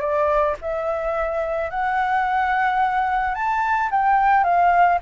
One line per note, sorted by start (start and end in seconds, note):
0.00 0.55 D5
0.61 1.70 E5
1.70 3.34 F#5
3.34 3.89 A5
3.91 4.44 G5
4.44 4.99 F5